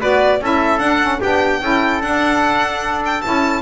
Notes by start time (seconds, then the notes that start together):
0.00 B3 F#4 B4 D5
0.40 C#4 E4 A4 E5
0.79 D4 F#5
1.01 C#4
1.20 B3 D4 G4 G5
1.61 C#4 E4 A4
2.02 D4 F#5
3.06 G5
3.21 C#4 E4 A5